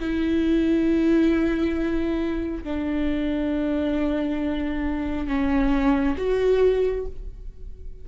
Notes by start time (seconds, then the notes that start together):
0.00 E4
2.64 D4
5.28 C#4
6.18 F#4